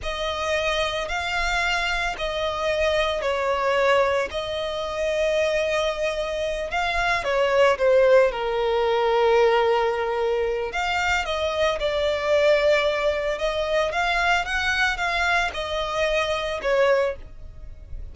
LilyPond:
\new Staff \with { instrumentName = "violin" } { \time 4/4 \tempo 4 = 112 dis''2 f''2 | dis''2 cis''2 | dis''1~ | dis''8 f''4 cis''4 c''4 ais'8~ |
ais'1 | f''4 dis''4 d''2~ | d''4 dis''4 f''4 fis''4 | f''4 dis''2 cis''4 | }